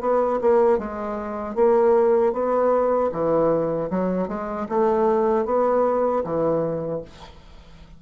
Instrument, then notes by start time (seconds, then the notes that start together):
bassoon
0.00 B3
0.41 A#3
0.78 G#3
1.55 A#3
2.33 B3
3.12 E3
3.90 F#3
4.28 G#3
4.69 A3
5.45 B3
6.24 E3